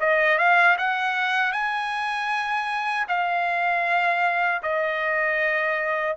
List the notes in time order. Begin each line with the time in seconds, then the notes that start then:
0.00 D#5
0.38 F5
0.78 F#5
1.52 G#5
3.08 F5
4.63 D#5